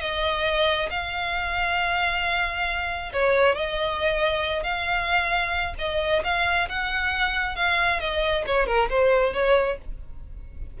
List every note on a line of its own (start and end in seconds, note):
0.00 0.89 D#5
0.90 3.12 F5
3.13 3.55 C#5
3.55 4.63 D#5
4.63 5.74 F5
5.78 6.22 D#5
6.23 6.68 F5
6.68 7.55 F#5
7.55 7.99 F5
7.99 8.44 D#5
8.46 8.66 C#5
8.66 8.88 A#4
8.89 9.33 C5
9.33 9.78 C#5